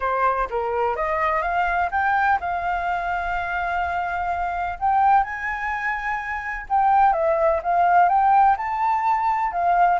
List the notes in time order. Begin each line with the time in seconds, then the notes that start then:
0.00 C5
0.49 A#4
0.96 D#5
1.42 F5
1.91 G5
2.40 F5
4.79 G5
5.23 G#5
6.69 G5
7.13 E5
7.63 F5
8.08 G5
8.57 A5
9.52 F5